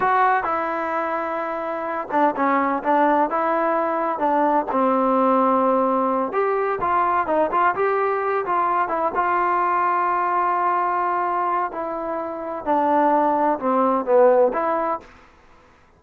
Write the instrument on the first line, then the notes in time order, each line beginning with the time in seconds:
trombone
0.00 F#4
0.43 E4
2.11 D4
2.36 C#4
2.83 D4
3.29 E4
4.18 D4
4.71 C4
6.32 G4
6.81 F4
7.27 D#4
7.51 F4
7.75 G4
8.45 F4
8.88 E4
9.14 F4
11.71 E4
12.65 D4
13.59 C4
14.05 B3
14.53 E4